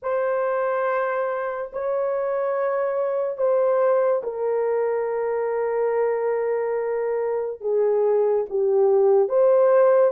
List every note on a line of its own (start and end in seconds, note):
0.02 1.71 C5
1.72 3.37 C#5
3.37 4.22 C5
4.23 7.61 A#4
7.61 8.45 G#4
8.49 9.28 G4
9.28 10.11 C5